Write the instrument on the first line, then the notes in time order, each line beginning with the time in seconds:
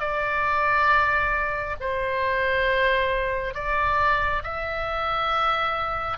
oboe
0.00 D5
1.80 C5
3.55 D5
4.44 E5